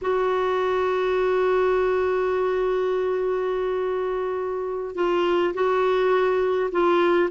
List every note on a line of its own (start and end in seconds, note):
0.01 4.95 F#4
4.95 5.53 F4
5.53 6.70 F#4
6.71 7.29 F4